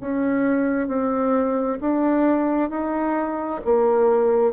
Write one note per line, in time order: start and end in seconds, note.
0.00 0.88 C#4
0.88 1.79 C4
1.81 2.70 D4
2.70 3.61 D#4
3.64 4.52 A#3